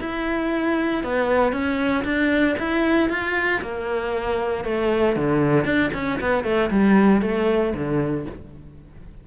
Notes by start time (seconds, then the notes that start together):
0.00 E4
1.03 B3
1.52 C#4
2.04 D4
2.59 E4
3.09 F4
3.62 A#3
4.64 A3
5.16 D3
5.64 D4
5.93 C#4
6.20 B3
6.44 A3
6.70 G3
7.22 A3
7.74 D3